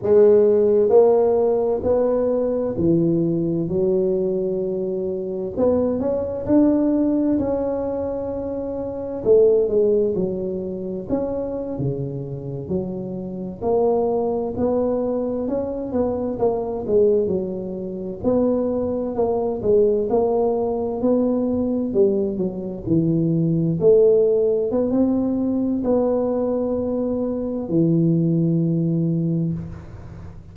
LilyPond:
\new Staff \with { instrumentName = "tuba" } { \time 4/4 \tempo 4 = 65 gis4 ais4 b4 e4 | fis2 b8 cis'8 d'4 | cis'2 a8 gis8 fis4 | cis'8. cis4 fis4 ais4 b16~ |
b8. cis'8 b8 ais8 gis8 fis4 b16~ | b8. ais8 gis8 ais4 b4 g16~ | g16 fis8 e4 a4 b16 c'4 | b2 e2 | }